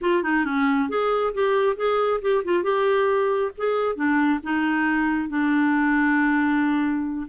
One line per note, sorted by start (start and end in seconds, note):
0.01 0.23 F4
0.23 0.45 D#4
0.45 0.89 C#4
0.89 1.33 G#4
1.34 1.76 G4
1.76 2.20 G#4
2.21 2.43 G4
2.44 2.63 F4
2.63 3.51 G4
3.57 3.95 G#4
3.95 4.39 D4
4.43 5.28 D#4
5.28 7.27 D4